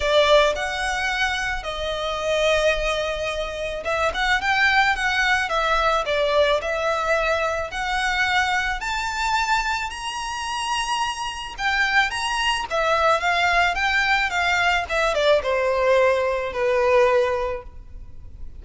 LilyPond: \new Staff \with { instrumentName = "violin" } { \time 4/4 \tempo 4 = 109 d''4 fis''2 dis''4~ | dis''2. e''8 fis''8 | g''4 fis''4 e''4 d''4 | e''2 fis''2 |
a''2 ais''2~ | ais''4 g''4 ais''4 e''4 | f''4 g''4 f''4 e''8 d''8 | c''2 b'2 | }